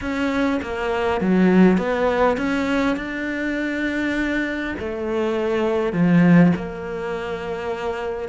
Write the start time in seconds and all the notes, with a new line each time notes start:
0.01 C#4
0.62 A#3
1.20 F#3
1.77 B3
2.37 C#4
2.96 D4
4.79 A3
5.92 F3
6.55 A#3